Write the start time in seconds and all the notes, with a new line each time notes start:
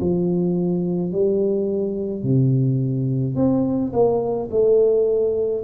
0.00 F3
1.12 G3
2.23 C3
3.35 C4
3.93 A#3
4.51 A3